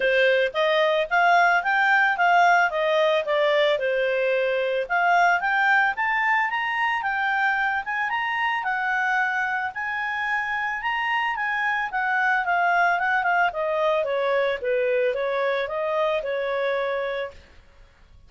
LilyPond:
\new Staff \with { instrumentName = "clarinet" } { \time 4/4 \tempo 4 = 111 c''4 dis''4 f''4 g''4 | f''4 dis''4 d''4 c''4~ | c''4 f''4 g''4 a''4 | ais''4 g''4. gis''8 ais''4 |
fis''2 gis''2 | ais''4 gis''4 fis''4 f''4 | fis''8 f''8 dis''4 cis''4 b'4 | cis''4 dis''4 cis''2 | }